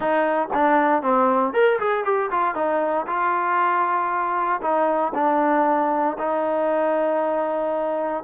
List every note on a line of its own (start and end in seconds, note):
0.00 0.48 D#4
0.53 1.02 D4
1.02 1.53 C4
1.53 1.79 A#4
1.79 2.04 G#4
2.04 2.30 G4
2.31 2.54 F4
2.54 3.06 D#4
3.07 4.60 F4
4.61 5.12 D#4
5.14 6.17 D4
6.18 8.23 D#4